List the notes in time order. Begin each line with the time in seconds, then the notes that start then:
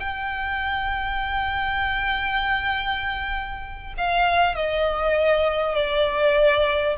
0.00 G5
3.97 F5
4.55 D#5
5.75 D5